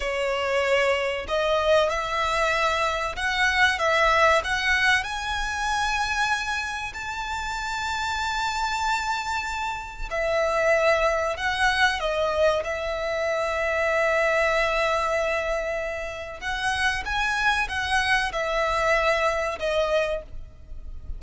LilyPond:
\new Staff \with { instrumentName = "violin" } { \time 4/4 \tempo 4 = 95 cis''2 dis''4 e''4~ | e''4 fis''4 e''4 fis''4 | gis''2. a''4~ | a''1 |
e''2 fis''4 dis''4 | e''1~ | e''2 fis''4 gis''4 | fis''4 e''2 dis''4 | }